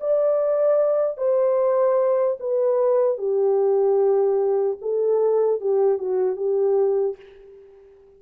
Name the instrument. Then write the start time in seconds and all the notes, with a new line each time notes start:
horn
0.00 D5
1.17 C5
2.40 B4
3.17 G4
4.81 A4
5.61 G4
5.98 F#4
6.36 G4